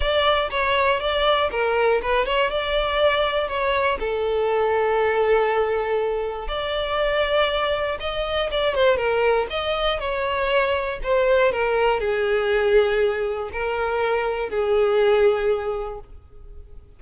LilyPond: \new Staff \with { instrumentName = "violin" } { \time 4/4 \tempo 4 = 120 d''4 cis''4 d''4 ais'4 | b'8 cis''8 d''2 cis''4 | a'1~ | a'4 d''2. |
dis''4 d''8 c''8 ais'4 dis''4 | cis''2 c''4 ais'4 | gis'2. ais'4~ | ais'4 gis'2. | }